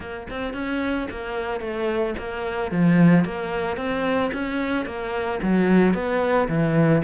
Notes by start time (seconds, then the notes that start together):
0.00 A#3
0.30 C4
0.53 C#4
1.10 A#3
1.60 A3
2.18 A#3
2.71 F3
3.24 A#3
3.76 C4
4.33 C#4
4.85 A#3
5.42 F#3
5.93 B3
6.48 E3